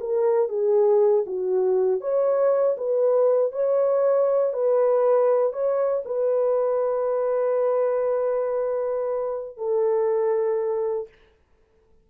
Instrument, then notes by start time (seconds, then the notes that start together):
horn
0.00 A#4
0.49 G#4
1.27 F#4
2.01 C#5
2.78 B4
3.52 C#5
4.53 B4
5.53 C#5
6.05 B4
9.57 A4